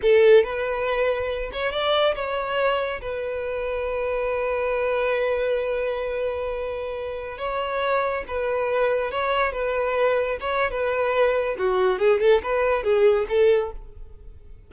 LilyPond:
\new Staff \with { instrumentName = "violin" } { \time 4/4 \tempo 4 = 140 a'4 b'2~ b'8 cis''8 | d''4 cis''2 b'4~ | b'1~ | b'1~ |
b'4~ b'16 cis''2 b'8.~ | b'4~ b'16 cis''4 b'4.~ b'16~ | b'16 cis''8. b'2 fis'4 | gis'8 a'8 b'4 gis'4 a'4 | }